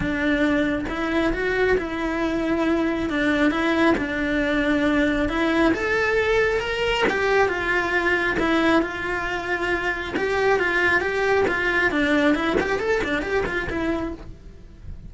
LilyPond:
\new Staff \with { instrumentName = "cello" } { \time 4/4 \tempo 4 = 136 d'2 e'4 fis'4 | e'2. d'4 | e'4 d'2. | e'4 a'2 ais'4 |
g'4 f'2 e'4 | f'2. g'4 | f'4 g'4 f'4 d'4 | e'8 g'8 a'8 d'8 g'8 f'8 e'4 | }